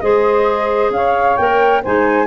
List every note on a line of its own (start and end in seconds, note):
0.00 0.90 G#3
0.00 1.38 G#4
0.00 0.93 C5
0.00 0.91 D#5
0.90 1.35 C#4
0.90 1.82 C#5
0.90 1.37 F5
1.37 1.84 A#3
1.37 1.84 A#4
1.37 1.82 G5
1.82 2.26 G#3
1.82 2.26 D#4
1.82 2.26 C5
1.82 2.26 G#5